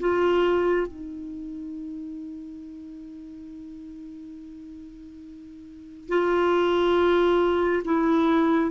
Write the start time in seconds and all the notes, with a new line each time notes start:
0.00 F4
0.87 D#4
6.09 F4
7.85 E4